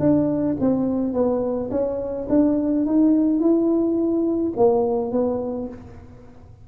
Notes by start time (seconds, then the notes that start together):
0.00 D4
0.60 C4
1.14 B3
1.71 C#4
2.30 D4
2.86 D#4
3.40 E4
4.57 A#3
5.12 B3